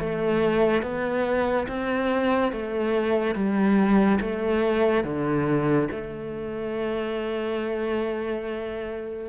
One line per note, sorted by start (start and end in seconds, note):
0.00 0.83 A3
0.83 1.67 B3
1.68 2.52 C4
2.52 3.35 A3
3.35 4.20 G3
4.21 5.04 A3
5.04 5.89 D3
5.92 9.29 A3